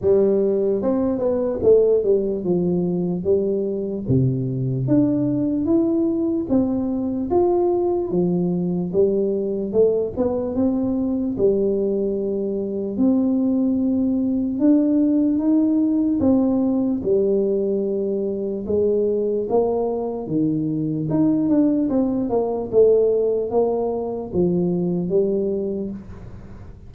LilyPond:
\new Staff \with { instrumentName = "tuba" } { \time 4/4 \tempo 4 = 74 g4 c'8 b8 a8 g8 f4 | g4 c4 d'4 e'4 | c'4 f'4 f4 g4 | a8 b8 c'4 g2 |
c'2 d'4 dis'4 | c'4 g2 gis4 | ais4 dis4 dis'8 d'8 c'8 ais8 | a4 ais4 f4 g4 | }